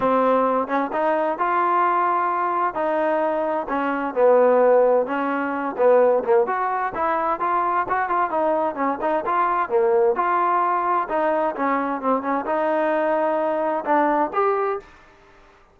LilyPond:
\new Staff \with { instrumentName = "trombone" } { \time 4/4 \tempo 4 = 130 c'4. cis'8 dis'4 f'4~ | f'2 dis'2 | cis'4 b2 cis'4~ | cis'8 b4 ais8 fis'4 e'4 |
f'4 fis'8 f'8 dis'4 cis'8 dis'8 | f'4 ais4 f'2 | dis'4 cis'4 c'8 cis'8 dis'4~ | dis'2 d'4 g'4 | }